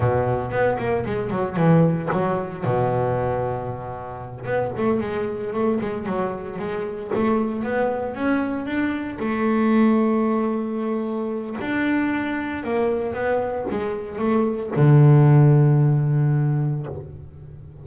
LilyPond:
\new Staff \with { instrumentName = "double bass" } { \time 4/4 \tempo 4 = 114 b,4 b8 ais8 gis8 fis8 e4 | fis4 b,2.~ | b,8 b8 a8 gis4 a8 gis8 fis8~ | fis8 gis4 a4 b4 cis'8~ |
cis'8 d'4 a2~ a8~ | a2 d'2 | ais4 b4 gis4 a4 | d1 | }